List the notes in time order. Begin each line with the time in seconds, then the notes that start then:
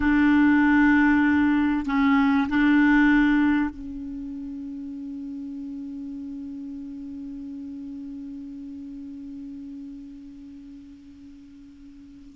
0.00 D4
1.85 C#4
2.49 D4
3.69 C#4